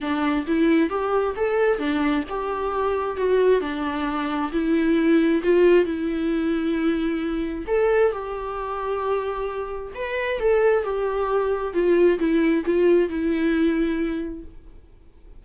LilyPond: \new Staff \with { instrumentName = "viola" } { \time 4/4 \tempo 4 = 133 d'4 e'4 g'4 a'4 | d'4 g'2 fis'4 | d'2 e'2 | f'4 e'2.~ |
e'4 a'4 g'2~ | g'2 b'4 a'4 | g'2 f'4 e'4 | f'4 e'2. | }